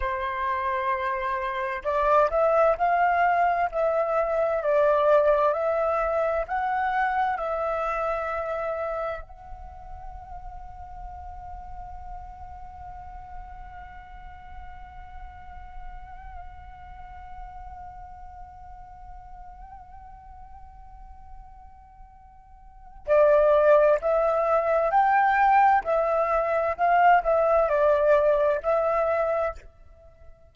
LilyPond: \new Staff \with { instrumentName = "flute" } { \time 4/4 \tempo 4 = 65 c''2 d''8 e''8 f''4 | e''4 d''4 e''4 fis''4 | e''2 fis''2~ | fis''1~ |
fis''1~ | fis''1~ | fis''4 d''4 e''4 g''4 | e''4 f''8 e''8 d''4 e''4 | }